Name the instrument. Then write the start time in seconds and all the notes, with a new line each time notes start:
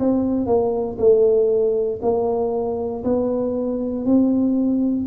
tuba
0.00 C4
0.47 A#3
0.98 A3
2.02 A#3
3.04 B3
4.05 C4